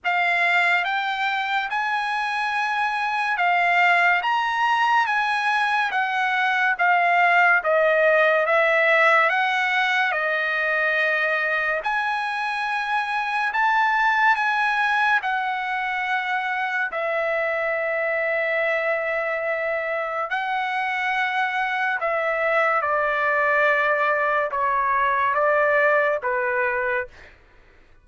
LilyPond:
\new Staff \with { instrumentName = "trumpet" } { \time 4/4 \tempo 4 = 71 f''4 g''4 gis''2 | f''4 ais''4 gis''4 fis''4 | f''4 dis''4 e''4 fis''4 | dis''2 gis''2 |
a''4 gis''4 fis''2 | e''1 | fis''2 e''4 d''4~ | d''4 cis''4 d''4 b'4 | }